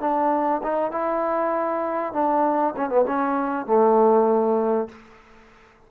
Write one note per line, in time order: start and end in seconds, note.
0.00 0.61 D4
0.63 0.91 D#4
0.91 2.13 E4
2.13 2.74 D4
2.76 2.89 C#4
2.89 3.05 B3
3.07 3.66 C#4
3.66 4.88 A3